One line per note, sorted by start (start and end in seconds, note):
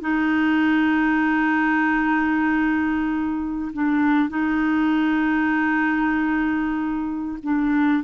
0.00 3.71 D#4
3.73 4.29 D4
4.29 7.38 D#4
7.43 8.03 D4